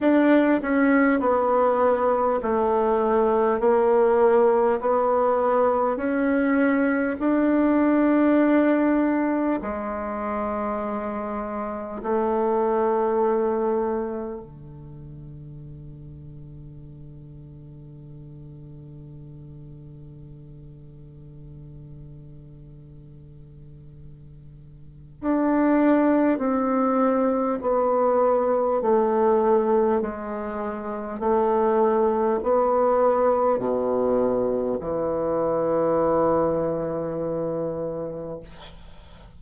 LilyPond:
\new Staff \with { instrumentName = "bassoon" } { \time 4/4 \tempo 4 = 50 d'8 cis'8 b4 a4 ais4 | b4 cis'4 d'2 | gis2 a2 | d1~ |
d1~ | d4 d'4 c'4 b4 | a4 gis4 a4 b4 | b,4 e2. | }